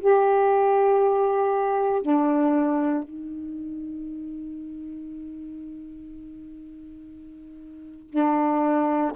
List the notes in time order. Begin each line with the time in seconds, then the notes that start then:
0.00 G4
2.02 D4
3.04 D#4
8.10 D4